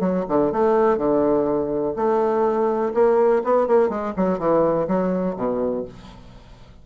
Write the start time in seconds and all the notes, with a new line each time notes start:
0.00 F#3
0.28 D3
0.52 A3
0.97 D3
1.96 A3
2.94 A#3
3.44 B3
3.67 A#3
3.89 G#3
4.16 F#3
4.39 E3
4.87 F#3
5.36 B2